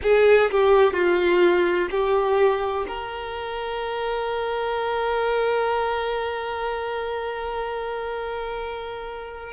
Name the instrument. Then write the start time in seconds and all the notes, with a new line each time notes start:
violin
0.02 G#4
0.50 G4
0.93 F4
1.90 G4
2.87 A#4